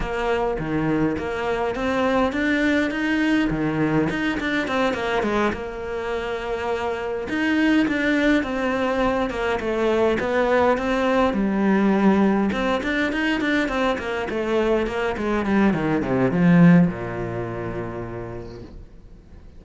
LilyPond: \new Staff \with { instrumentName = "cello" } { \time 4/4 \tempo 4 = 103 ais4 dis4 ais4 c'4 | d'4 dis'4 dis4 dis'8 d'8 | c'8 ais8 gis8 ais2~ ais8~ | ais8 dis'4 d'4 c'4. |
ais8 a4 b4 c'4 g8~ | g4. c'8 d'8 dis'8 d'8 c'8 | ais8 a4 ais8 gis8 g8 dis8 c8 | f4 ais,2. | }